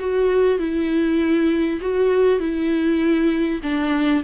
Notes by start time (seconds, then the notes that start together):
0.00 F#4
0.60 E4
1.82 F#4
2.40 E4
3.63 D4